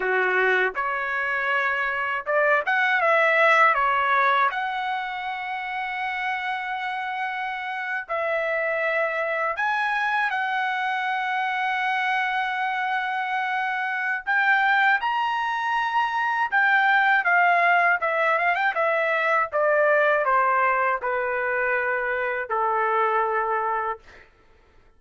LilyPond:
\new Staff \with { instrumentName = "trumpet" } { \time 4/4 \tempo 4 = 80 fis'4 cis''2 d''8 fis''8 | e''4 cis''4 fis''2~ | fis''2~ fis''8. e''4~ e''16~ | e''8. gis''4 fis''2~ fis''16~ |
fis''2. g''4 | ais''2 g''4 f''4 | e''8 f''16 g''16 e''4 d''4 c''4 | b'2 a'2 | }